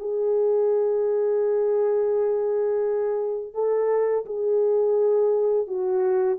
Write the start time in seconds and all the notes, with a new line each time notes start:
0.00 G#4
3.54 A4
4.26 G#4
5.68 F#4